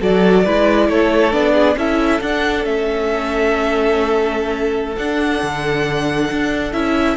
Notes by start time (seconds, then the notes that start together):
0.00 F#3 F#4 A4 D5
0.44 G#3 E4 B4
0.89 A3 A4 C#5
1.32 B3 D4 D5
1.54 G#4
1.76 C#4 E4 A4 E5
2.21 D4 F#5
2.65 A3 C#4 E5
4.97 D4 F#5
5.42 D3
6.31 D4
6.73 C#4 E4 E5